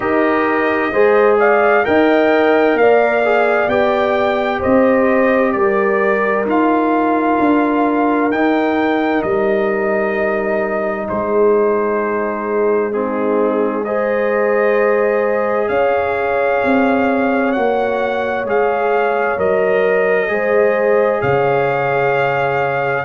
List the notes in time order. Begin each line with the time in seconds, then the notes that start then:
0.00 D#4 G4 A#4 D#5
0.92 G#3 G#4 C5
1.39 D5 F5
1.83 D#4 A#4 D#5 G5
2.74 A#3 D5 F5
3.24 G#4
3.68 B3 G4 G5
4.59 C4 C5 D#5
5.52 G3 A#4 D5
6.45 D#4 F4 F5
7.39 D4
8.30 D#4 G5
9.22 G3 D#5
11.08 G#3 G#4 C5
12.92 C4 D#4 G#4
13.84 G#4 C5 D#5
15.68 C#4 C#5 F5
16.64 C4
17.52 A#3 F#4 F#5
18.44 G#3 G#4 F5
19.37 F#3 A#4 D#5
20.27 G#3 G#4 C5
21.21 C#3 C#5 F5